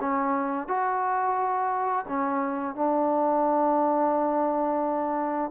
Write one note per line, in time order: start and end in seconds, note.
0.00 0.67 C#4
0.67 2.05 F#4
2.08 2.75 C#4
2.75 5.50 D4